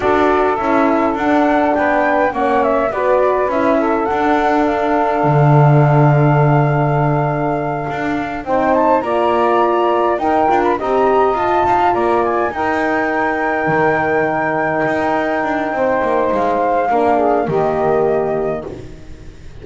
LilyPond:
<<
  \new Staff \with { instrumentName = "flute" } { \time 4/4 \tempo 4 = 103 d''4 e''4 fis''4 g''4 | fis''8 e''8 d''4 e''4 fis''4 | f''1~ | f''2~ f''8 g''8 a''8 ais''8~ |
ais''4. g''8. b''16 ais''4 a''8~ | a''8 ais''8 gis''8 g''2~ g''8~ | g''1 | f''2 dis''2 | }
  \new Staff \with { instrumentName = "saxophone" } { \time 4/4 a'2. b'4 | cis''4 b'4. a'4.~ | a'1~ | a'2~ a'8 c''4 d''8~ |
d''4. ais'4 dis''4. | f''8 d''4 ais'2~ ais'8~ | ais'2. c''4~ | c''4 ais'8 gis'8 g'2 | }
  \new Staff \with { instrumentName = "horn" } { \time 4/4 fis'4 e'4 d'2 | cis'4 fis'4 e'4 d'4~ | d'1~ | d'2~ d'8 dis'4 f'8~ |
f'4. dis'8 f'8 g'4 f'8~ | f'4. dis'2~ dis'8~ | dis'1~ | dis'4 d'4 ais2 | }
  \new Staff \with { instrumentName = "double bass" } { \time 4/4 d'4 cis'4 d'4 b4 | ais4 b4 cis'4 d'4~ | d'4 d2.~ | d4. d'4 c'4 ais8~ |
ais4. dis'8 d'8 c'4 f'8 | dis'8 ais4 dis'2 dis8~ | dis4. dis'4 d'8 c'8 ais8 | gis4 ais4 dis2 | }
>>